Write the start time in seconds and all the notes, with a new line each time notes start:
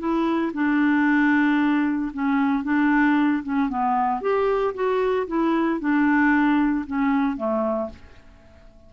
0.00 E4
0.54 D4
2.14 C#4
2.64 D4
3.44 C#4
3.70 B3
4.22 G4
4.75 F#4
5.28 E4
5.81 D4
6.87 C#4
7.38 A3